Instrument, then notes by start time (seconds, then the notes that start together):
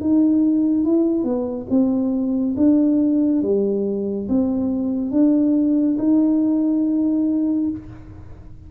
tuba
0.00 D#4
0.84 E4
1.24 B3
1.69 C4
2.56 D4
3.42 G3
4.28 C4
5.11 D4
5.98 D#4